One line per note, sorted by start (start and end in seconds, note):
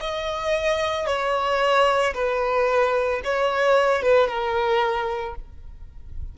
0.00 1.07 D#5
1.07 2.14 C#5
2.14 3.21 B4
3.24 4.02 C#5
4.02 4.28 B4
4.28 5.35 A#4